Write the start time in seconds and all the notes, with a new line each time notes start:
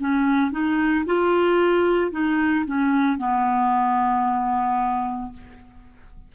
0.00 C#4
0.52 D#4
1.06 F4
2.12 D#4
2.66 C#4
3.19 B3